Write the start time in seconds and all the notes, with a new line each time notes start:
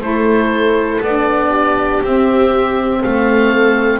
0.00 A3 E4 A4 C5
1.01 B3 D5
1.07 D4
1.49 G4
2.02 C4 E5
3.02 A3 A4 F5